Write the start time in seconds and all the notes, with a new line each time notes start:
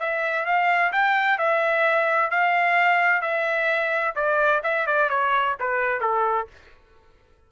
0.00 E5
0.45 F5
0.92 G5
1.38 E5
2.31 F5
3.22 E5
4.15 D5
4.64 E5
4.87 D5
5.10 C#5
5.60 B4
6.01 A4